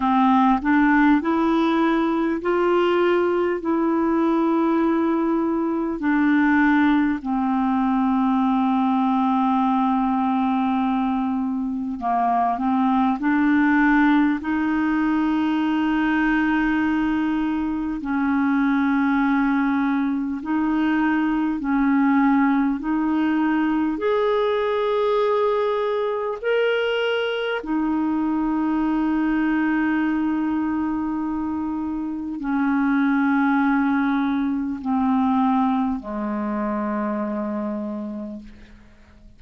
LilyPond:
\new Staff \with { instrumentName = "clarinet" } { \time 4/4 \tempo 4 = 50 c'8 d'8 e'4 f'4 e'4~ | e'4 d'4 c'2~ | c'2 ais8 c'8 d'4 | dis'2. cis'4~ |
cis'4 dis'4 cis'4 dis'4 | gis'2 ais'4 dis'4~ | dis'2. cis'4~ | cis'4 c'4 gis2 | }